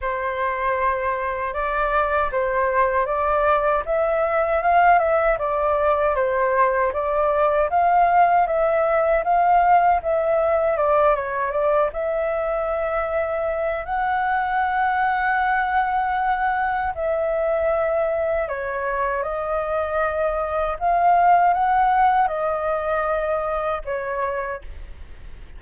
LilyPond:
\new Staff \with { instrumentName = "flute" } { \time 4/4 \tempo 4 = 78 c''2 d''4 c''4 | d''4 e''4 f''8 e''8 d''4 | c''4 d''4 f''4 e''4 | f''4 e''4 d''8 cis''8 d''8 e''8~ |
e''2 fis''2~ | fis''2 e''2 | cis''4 dis''2 f''4 | fis''4 dis''2 cis''4 | }